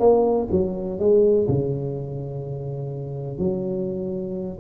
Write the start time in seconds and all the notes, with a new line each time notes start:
0.00 A#3
0.52 F#3
0.99 G#3
1.49 C#3
3.39 F#3